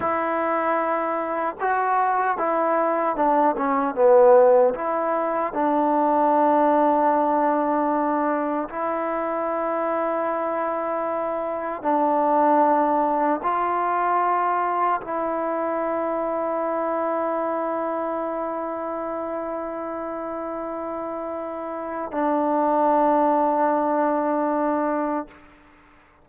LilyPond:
\new Staff \with { instrumentName = "trombone" } { \time 4/4 \tempo 4 = 76 e'2 fis'4 e'4 | d'8 cis'8 b4 e'4 d'4~ | d'2. e'4~ | e'2. d'4~ |
d'4 f'2 e'4~ | e'1~ | e'1 | d'1 | }